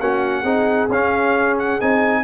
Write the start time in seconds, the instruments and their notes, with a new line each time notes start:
0.00 tuba A#3, trombone C#4, horn F#4, trumpet F#5
0.42 tuba C4, trombone D#4, horn G#4
0.89 tuba C#4, trombone C#4, trumpet F5
1.58 trumpet F#5
1.80 tuba C4, trombone D#4, trumpet G#5